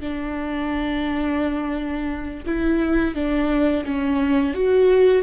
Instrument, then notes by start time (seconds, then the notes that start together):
viola
0.00 D4
2.45 E4
3.14 D4
3.85 C#4
4.53 F#4